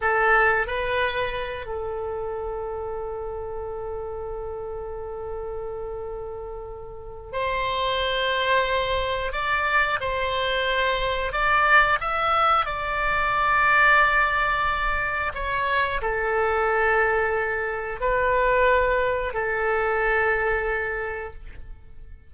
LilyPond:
\new Staff \with { instrumentName = "oboe" } { \time 4/4 \tempo 4 = 90 a'4 b'4. a'4.~ | a'1~ | a'2. c''4~ | c''2 d''4 c''4~ |
c''4 d''4 e''4 d''4~ | d''2. cis''4 | a'2. b'4~ | b'4 a'2. | }